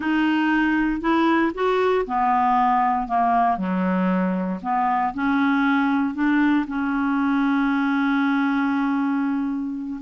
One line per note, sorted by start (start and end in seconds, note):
0.00 1.00 D#4
1.00 1.52 E4
1.54 2.05 F#4
2.06 3.07 B3
3.07 3.57 A#3
3.57 4.59 F#3
4.62 5.13 B3
5.14 6.14 C#4
6.14 6.65 D4
6.67 10.00 C#4